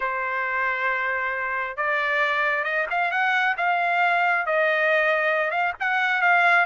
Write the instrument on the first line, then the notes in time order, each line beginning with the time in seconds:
trumpet
0.00 C5
1.76 D5
2.64 D#5
2.90 F5
3.11 F#5
3.57 F5
4.45 D#5
5.51 F5
5.80 F#5
6.21 F5